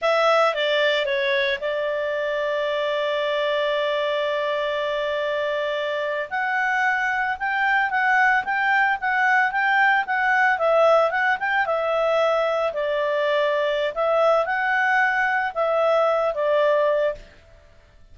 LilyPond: \new Staff \with { instrumentName = "clarinet" } { \time 4/4 \tempo 4 = 112 e''4 d''4 cis''4 d''4~ | d''1~ | d''2.~ d''8. fis''16~ | fis''4.~ fis''16 g''4 fis''4 g''16~ |
g''8. fis''4 g''4 fis''4 e''16~ | e''8. fis''8 g''8 e''2 d''16~ | d''2 e''4 fis''4~ | fis''4 e''4. d''4. | }